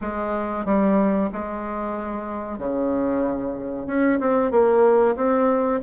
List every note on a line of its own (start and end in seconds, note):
0.01 0.65 G#3
0.65 1.29 G3
1.32 2.58 G#3
2.58 3.87 C#3
3.87 4.19 C#4
4.20 4.51 C4
4.51 5.15 A#3
5.16 5.80 C4